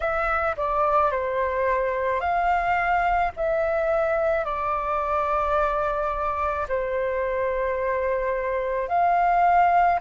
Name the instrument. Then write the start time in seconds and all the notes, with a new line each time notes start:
flute
0.00 E5
0.56 D5
1.11 C5
2.20 F5
3.36 E5
4.44 D5
6.68 C5
8.88 F5